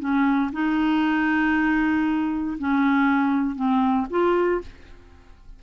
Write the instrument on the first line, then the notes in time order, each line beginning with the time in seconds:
clarinet
0.00 C#4
0.53 D#4
2.59 C#4
3.56 C4
4.10 F4